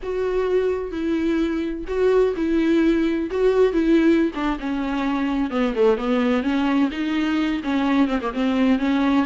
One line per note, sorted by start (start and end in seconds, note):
0.02 0.91 F#4
0.91 1.85 E4
1.87 2.34 F#4
2.36 3.30 E4
3.30 3.73 F#4
3.73 4.31 E4
4.34 4.58 D4
4.59 5.50 C#4
5.50 5.74 B3
5.75 5.97 A3
5.97 6.42 B3
6.42 6.89 C#4
6.91 7.61 D#4
7.63 8.08 C#4
8.08 8.19 C4
8.21 8.33 A#3
8.33 8.78 C4
8.78 9.25 C#4